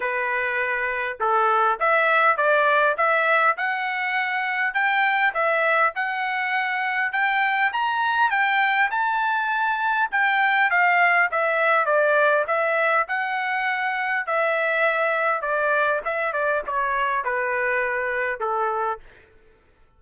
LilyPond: \new Staff \with { instrumentName = "trumpet" } { \time 4/4 \tempo 4 = 101 b'2 a'4 e''4 | d''4 e''4 fis''2 | g''4 e''4 fis''2 | g''4 ais''4 g''4 a''4~ |
a''4 g''4 f''4 e''4 | d''4 e''4 fis''2 | e''2 d''4 e''8 d''8 | cis''4 b'2 a'4 | }